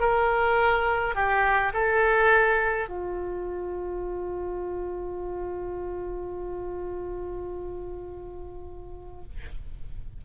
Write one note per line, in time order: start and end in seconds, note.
0.00 1.15 A#4
1.15 1.73 G4
1.74 2.89 A4
2.89 9.24 F4